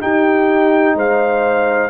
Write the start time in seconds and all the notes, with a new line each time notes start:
0.00 D#4 G4 G5
0.95 G#3 C5 F5